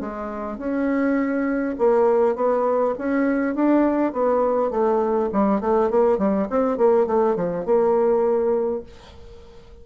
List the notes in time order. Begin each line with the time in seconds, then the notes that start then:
0.00 G#3
0.57 C#4
1.78 A#3
2.35 B3
2.98 C#4
3.55 D4
4.12 B3
4.70 A3
5.32 G3
5.60 A3
5.90 A#3
6.18 G3
6.49 C4
6.77 A#3
7.06 A3
7.36 F3
7.65 A#3